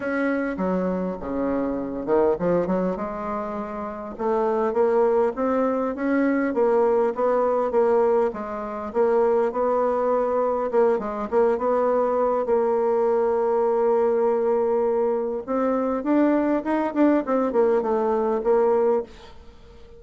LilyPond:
\new Staff \with { instrumentName = "bassoon" } { \time 4/4 \tempo 4 = 101 cis'4 fis4 cis4. dis8 | f8 fis8 gis2 a4 | ais4 c'4 cis'4 ais4 | b4 ais4 gis4 ais4 |
b2 ais8 gis8 ais8 b8~ | b4 ais2.~ | ais2 c'4 d'4 | dis'8 d'8 c'8 ais8 a4 ais4 | }